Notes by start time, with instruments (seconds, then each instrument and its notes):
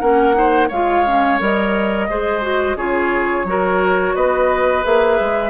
0.00 bassoon A#3, clarinet C#4, oboe A#4, flute F#5
0.34 clarinet D#4, oboe C5
0.68 bassoon G#3, clarinet F4, oboe C#5, flute F5
1.07 clarinet C#4
1.40 bassoon G3, clarinet A#4, flute D#5
2.09 bassoon G#3, clarinet G#4, oboe C5
2.42 clarinet F#4
2.76 bassoon C#3, clarinet F4, oboe G#4, flute C#5
3.44 bassoon F#3, clarinet F#4, oboe A#4
4.16 bassoon B3, oboe B4, flute D#5
4.83 bassoon A#3, clarinet G#4, flute E5
5.20 bassoon G#3